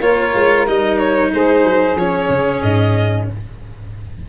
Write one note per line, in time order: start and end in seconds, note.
0.00 0.33 A#3
0.00 0.66 F4
0.00 1.31 A#4
0.00 0.66 C#5
0.34 0.67 G#3
0.66 1.32 G3
0.66 1.96 D#4
0.66 0.98 D#5
0.98 1.31 C#5
1.31 1.63 G#3
1.31 3.27 G#4
1.31 1.97 C5
1.63 1.95 F#3
1.95 2.28 F3
1.95 3.29 C#4
1.95 2.62 C#5
2.29 2.61 C#3
2.62 3.28 G#2
2.62 3.27 D#5